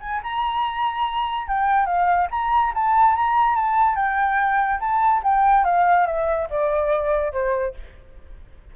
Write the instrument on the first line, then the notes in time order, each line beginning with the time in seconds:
flute
0.00 G#5
0.23 A#5
1.47 G5
1.85 F5
2.31 A#5
2.74 A5
3.15 A#5
3.55 A5
3.95 G5
4.80 A5
5.23 G5
5.64 F5
6.06 E5
6.50 D5
7.32 C5